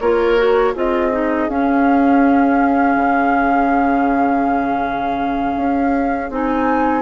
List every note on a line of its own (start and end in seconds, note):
0.00 0.74 A#3
0.00 0.37 F4
0.00 0.74 A#4
0.00 0.74 C#5
0.37 0.75 F#4
0.74 1.48 C4
0.74 1.12 F4
0.74 7.02 G#4
0.74 1.50 D#5
1.12 1.49 D#4
1.48 2.96 C#4
1.48 6.31 C#4
1.48 6.31 F5
2.96 5.55 C#3
5.56 6.30 C#4
6.30 7.02 C4
6.30 7.02 D#4
6.30 7.02 G#5